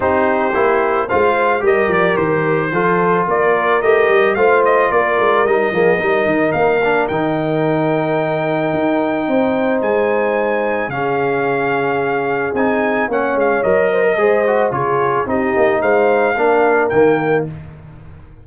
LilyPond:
<<
  \new Staff \with { instrumentName = "trumpet" } { \time 4/4 \tempo 4 = 110 c''2 f''4 dis''8 d''8 | c''2 d''4 dis''4 | f''8 dis''8 d''4 dis''2 | f''4 g''2.~ |
g''2 gis''2 | f''2. gis''4 | fis''8 f''8 dis''2 cis''4 | dis''4 f''2 g''4 | }
  \new Staff \with { instrumentName = "horn" } { \time 4/4 g'2 c''4 ais'4~ | ais'4 a'4 ais'2 | c''4 ais'4. gis'8 ais'4~ | ais'1~ |
ais'4 c''2. | gis'1 | cis''4. c''16 ais'16 c''4 gis'4 | g'4 c''4 ais'2 | }
  \new Staff \with { instrumentName = "trombone" } { \time 4/4 dis'4 e'4 f'4 g'4~ | g'4 f'2 g'4 | f'2 dis'8 ais8 dis'4~ | dis'8 d'8 dis'2.~ |
dis'1 | cis'2. dis'4 | cis'4 ais'4 gis'8 fis'8 f'4 | dis'2 d'4 ais4 | }
  \new Staff \with { instrumentName = "tuba" } { \time 4/4 c'4 ais4 gis4 g8 f8 | dis4 f4 ais4 a8 g8 | a4 ais8 gis8 g8 f8 g8 dis8 | ais4 dis2. |
dis'4 c'4 gis2 | cis2. c'4 | ais8 gis8 fis4 gis4 cis4 | c'8 ais8 gis4 ais4 dis4 | }
>>